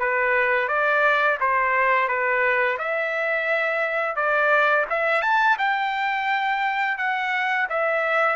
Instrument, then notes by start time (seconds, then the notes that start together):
trumpet
0.00 B4
0.69 D5
1.41 C5
2.09 B4
2.79 E5
4.16 D5
4.90 E5
5.22 A5
5.59 G5
6.98 F#5
7.70 E5